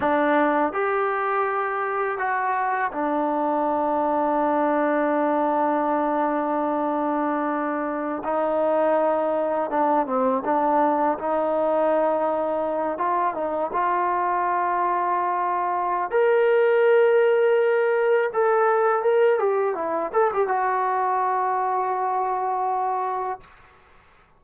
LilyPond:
\new Staff \with { instrumentName = "trombone" } { \time 4/4 \tempo 4 = 82 d'4 g'2 fis'4 | d'1~ | d'2.~ d'16 dis'8.~ | dis'4~ dis'16 d'8 c'8 d'4 dis'8.~ |
dis'4.~ dis'16 f'8 dis'8 f'4~ f'16~ | f'2 ais'2~ | ais'4 a'4 ais'8 g'8 e'8 a'16 g'16 | fis'1 | }